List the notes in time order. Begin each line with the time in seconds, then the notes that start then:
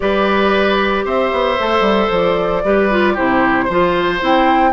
0.00 G3 G4 B4 D5
1.04 C4 C5 E5
1.31 B3
1.58 A3 A4
1.80 G3
2.10 F3 D5
2.64 G3 G4 B4
2.90 F4
3.13 C3 E4 G4 C5
3.65 F3 F4 C5
4.19 C4 E4 G5